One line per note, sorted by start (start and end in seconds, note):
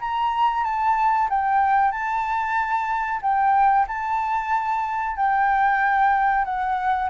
0.00 0.64 A#5
0.64 1.29 A5
1.30 1.91 G5
1.91 3.21 A5
3.22 3.87 G5
3.88 5.17 A5
5.17 6.45 G5
6.45 7.09 F#5